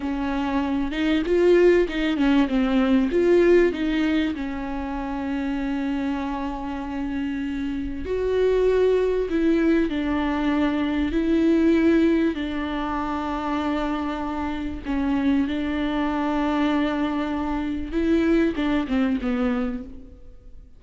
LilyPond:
\new Staff \with { instrumentName = "viola" } { \time 4/4 \tempo 4 = 97 cis'4. dis'8 f'4 dis'8 cis'8 | c'4 f'4 dis'4 cis'4~ | cis'1~ | cis'4 fis'2 e'4 |
d'2 e'2 | d'1 | cis'4 d'2.~ | d'4 e'4 d'8 c'8 b4 | }